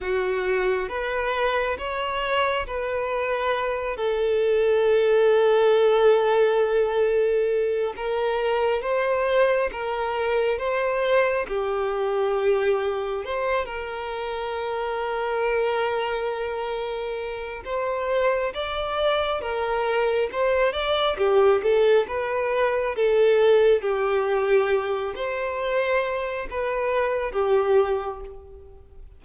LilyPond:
\new Staff \with { instrumentName = "violin" } { \time 4/4 \tempo 4 = 68 fis'4 b'4 cis''4 b'4~ | b'8 a'2.~ a'8~ | a'4 ais'4 c''4 ais'4 | c''4 g'2 c''8 ais'8~ |
ais'1 | c''4 d''4 ais'4 c''8 d''8 | g'8 a'8 b'4 a'4 g'4~ | g'8 c''4. b'4 g'4 | }